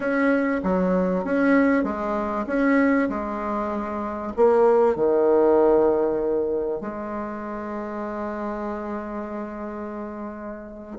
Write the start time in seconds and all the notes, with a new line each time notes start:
0.00 C#4
0.63 F#3
1.24 C#4
1.83 G#3
2.46 C#4
3.09 G#3
4.36 A#3
4.95 D#3
6.80 G#3